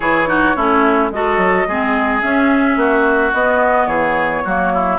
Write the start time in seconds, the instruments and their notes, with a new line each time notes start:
0.00 bassoon E3, clarinet E4, oboe G#4, flute C#5
0.27 clarinet D#4, oboe F#4
0.55 bassoon A3, clarinet C#4, oboe E4
1.11 bassoon G#3, clarinet F#4, oboe A4, flute D#5
1.37 bassoon F#3
1.67 bassoon G#3, clarinet C4, oboe G#4
2.21 clarinet C#4, bassoon C#4, flute E5
2.76 bassoon A#3, oboe F#4
3.33 bassoon B3, clarinet B3, flute D#5
3.87 bassoon E3, oboe G#4, flute C#5
4.44 bassoon F#3, clarinet A#3, oboe F#4
4.73 oboe E4